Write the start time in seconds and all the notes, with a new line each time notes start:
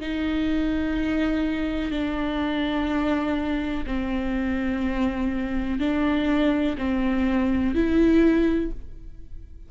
0.00 D#4
1.91 D4
3.86 C4
5.79 D4
6.77 C4
7.74 E4